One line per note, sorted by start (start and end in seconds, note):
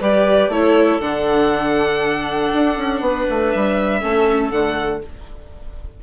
0.00 0.48 G3
0.00 0.51 G4
0.00 0.51 B4
0.00 0.53 D5
0.48 0.98 A3
0.48 1.01 E4
0.48 3.02 A4
0.48 1.01 C#5
1.00 2.50 D3
1.00 4.01 D4
1.00 3.51 F#5
2.54 2.77 D4
2.77 3.01 C#4
3.01 3.26 B3
3.01 4.01 B4
3.29 3.54 A3
3.51 4.03 G3
3.51 4.51 E5
4.01 4.51 A3
4.01 4.51 C#4
4.01 5.01 A4
4.51 5.01 D3
4.51 5.03 A3
4.51 5.01 F#5